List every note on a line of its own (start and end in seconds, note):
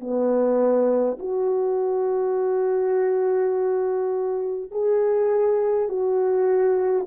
0.00 1.18 B3
1.19 4.71 F#4
4.71 5.89 G#4
5.89 7.06 F#4